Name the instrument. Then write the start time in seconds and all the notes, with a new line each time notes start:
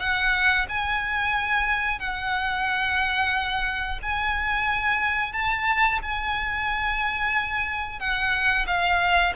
violin
0.00 F#5
0.69 G#5
1.99 F#5
4.02 G#5
5.33 A5
6.03 G#5
8.00 F#5
8.67 F5